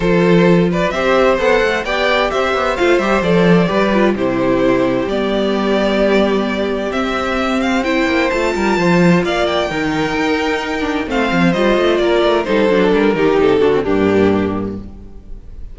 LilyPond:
<<
  \new Staff \with { instrumentName = "violin" } { \time 4/4 \tempo 4 = 130 c''4. d''8 e''4 fis''4 | g''4 e''4 f''8 e''8 d''4~ | d''4 c''2 d''4~ | d''2. e''4~ |
e''8 f''8 g''4 a''2 | f''8 g''2.~ g''8 | f''4 dis''4 d''4 c''4 | ais'4 a'4 g'2 | }
  \new Staff \with { instrumentName = "violin" } { \time 4/4 a'4. b'8 c''2 | d''4 c''2. | b'4 g'2.~ | g'1~ |
g'4 c''4. ais'8 c''4 | d''4 ais'2. | c''2 ais'4 a'4~ | a'8 g'4 fis'8 d'2 | }
  \new Staff \with { instrumentName = "viola" } { \time 4/4 f'2 g'4 a'4 | g'2 f'8 g'8 a'4 | g'8 f'8 e'2 b4~ | b2. c'4~ |
c'4 e'4 f'2~ | f'4 dis'2~ dis'8 d'8 | c'4 f'2 dis'8 d'8~ | d'8 dis'4 d'16 c'16 ais2 | }
  \new Staff \with { instrumentName = "cello" } { \time 4/4 f2 c'4 b8 a8 | b4 c'8 b8 a8 g8 f4 | g4 c2 g4~ | g2. c'4~ |
c'4. ais8 a8 g8 f4 | ais4 dis4 dis'2 | a8 f8 g8 a8 ais8 a8 g8 fis8 | g8 dis8 c8 d8 g,2 | }
>>